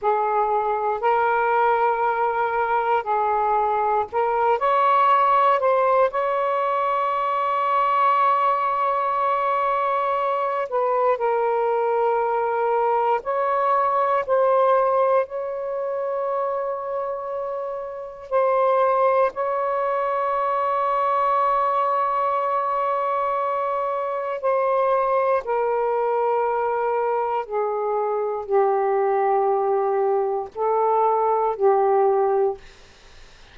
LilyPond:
\new Staff \with { instrumentName = "saxophone" } { \time 4/4 \tempo 4 = 59 gis'4 ais'2 gis'4 | ais'8 cis''4 c''8 cis''2~ | cis''2~ cis''8 b'8 ais'4~ | ais'4 cis''4 c''4 cis''4~ |
cis''2 c''4 cis''4~ | cis''1 | c''4 ais'2 gis'4 | g'2 a'4 g'4 | }